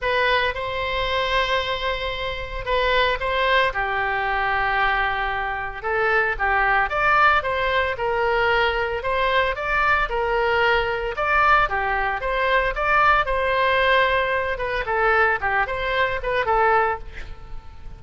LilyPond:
\new Staff \with { instrumentName = "oboe" } { \time 4/4 \tempo 4 = 113 b'4 c''2.~ | c''4 b'4 c''4 g'4~ | g'2. a'4 | g'4 d''4 c''4 ais'4~ |
ais'4 c''4 d''4 ais'4~ | ais'4 d''4 g'4 c''4 | d''4 c''2~ c''8 b'8 | a'4 g'8 c''4 b'8 a'4 | }